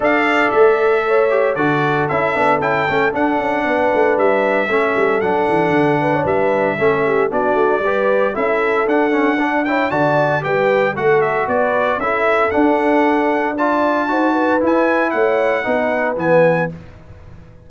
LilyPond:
<<
  \new Staff \with { instrumentName = "trumpet" } { \time 4/4 \tempo 4 = 115 f''4 e''2 d''4 | e''4 g''4 fis''2 | e''2 fis''2 | e''2 d''2 |
e''4 fis''4. g''8 a''4 | g''4 fis''8 e''8 d''4 e''4 | fis''2 a''2 | gis''4 fis''2 gis''4 | }
  \new Staff \with { instrumentName = "horn" } { \time 4/4 d''2 cis''4 a'4~ | a'2. b'4~ | b'4 a'2~ a'8 b'16 cis''16 | b'4 a'8 g'8 fis'4 b'4 |
a'2 d''8 cis''8 d''4 | b'4 a'4 b'4 a'4~ | a'2 d''4 c''8 b'8~ | b'4 cis''4 b'2 | }
  \new Staff \with { instrumentName = "trombone" } { \time 4/4 a'2~ a'8 g'8 fis'4 | e'8 d'8 e'8 cis'8 d'2~ | d'4 cis'4 d'2~ | d'4 cis'4 d'4 g'4 |
e'4 d'8 cis'8 d'8 e'8 fis'4 | g'4 fis'2 e'4 | d'2 f'4 fis'4 | e'2 dis'4 b4 | }
  \new Staff \with { instrumentName = "tuba" } { \time 4/4 d'4 a2 d4 | cis'8 b8 cis'8 a8 d'8 cis'8 b8 a8 | g4 a8 g8 fis8 e8 d4 | g4 a4 b8 a8 g4 |
cis'4 d'2 d4 | g4 a4 b4 cis'4 | d'2. dis'4 | e'4 a4 b4 e4 | }
>>